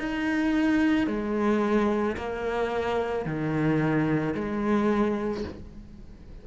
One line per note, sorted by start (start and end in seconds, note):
0.00 1.07 D#4
1.07 2.16 G#3
2.17 3.25 A#3
3.25 4.34 D#3
4.35 5.44 G#3